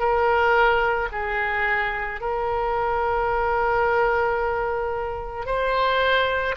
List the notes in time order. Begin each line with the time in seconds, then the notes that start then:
0.00 A#4
1.13 G#4
2.21 A#4
5.46 C5